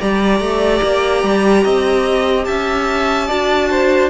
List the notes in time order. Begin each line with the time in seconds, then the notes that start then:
0.00 G3 G4 D5 A#5
0.40 A3
0.83 A#3
1.23 G3
1.64 C4 D#5
2.45 C#4 E5 A5
3.27 D4 F#4 D5
3.71 C5